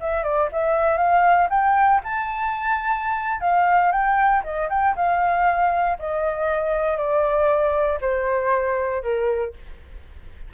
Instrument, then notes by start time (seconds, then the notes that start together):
flute
0.00 E5
0.23 D5
0.52 E5
0.98 F5
1.50 G5
2.04 A5
3.41 F5
3.92 G5
4.44 D#5
4.69 G5
4.96 F5
5.99 D#5
6.97 D5
8.01 C5
9.02 A#4